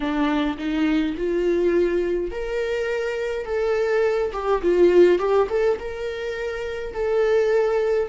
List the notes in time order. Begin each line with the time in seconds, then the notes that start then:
0.00 D4
0.58 D#4
1.17 F4
2.31 A#4
3.45 A4
4.32 G4
4.62 F4
5.18 G4
5.49 A4
5.79 A#4
6.93 A4